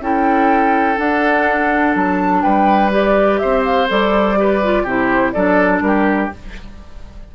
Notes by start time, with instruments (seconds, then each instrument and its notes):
0.00 bassoon C#4, clarinet E4, oboe A4, flute G5
0.96 clarinet D4, bassoon D4, flute F#5
1.95 bassoon F#3, flute A5
2.42 bassoon G3, oboe B4, flute G5
2.90 clarinet G4, flute D5
3.38 bassoon C4, oboe C5, flute E5
3.64 flute F5
3.87 bassoon G3, clarinet A4, flute D5
4.37 clarinet G4, oboe B4
4.63 clarinet F4
4.83 bassoon C3, clarinet E4, oboe G4, flute C5
5.32 bassoon F#3, clarinet D4, oboe A4, flute D5
5.81 bassoon G3, flute A#4
5.87 oboe G4